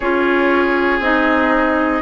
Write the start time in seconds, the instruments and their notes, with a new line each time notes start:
0.00 bassoon C#4, clarinet F4, oboe G#4, flute C#5
0.99 bassoon C4, clarinet D#4, flute D#5